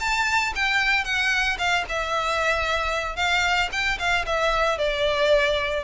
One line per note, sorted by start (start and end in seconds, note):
0.00 0.53 A5
0.55 1.04 G5
1.04 1.57 F#5
1.59 1.85 F5
1.89 3.16 E5
3.16 3.70 F5
3.72 3.98 G5
3.99 4.26 F5
4.26 4.78 E5
4.78 5.84 D5